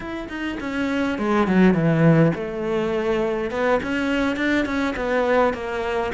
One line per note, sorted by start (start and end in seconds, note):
0.00 0.28 E4
0.28 0.57 D#4
0.60 1.18 C#4
1.18 1.47 G#3
1.47 1.73 F#3
1.73 2.32 E3
2.34 3.51 A3
3.51 3.80 B3
3.83 4.36 C#4
4.36 4.65 D4
4.65 4.94 C#4
4.96 5.53 B3
5.53 6.11 A#3